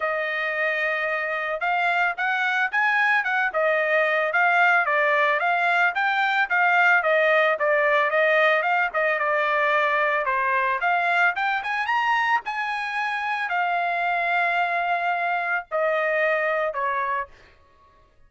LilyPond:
\new Staff \with { instrumentName = "trumpet" } { \time 4/4 \tempo 4 = 111 dis''2. f''4 | fis''4 gis''4 fis''8 dis''4. | f''4 d''4 f''4 g''4 | f''4 dis''4 d''4 dis''4 |
f''8 dis''8 d''2 c''4 | f''4 g''8 gis''8 ais''4 gis''4~ | gis''4 f''2.~ | f''4 dis''2 cis''4 | }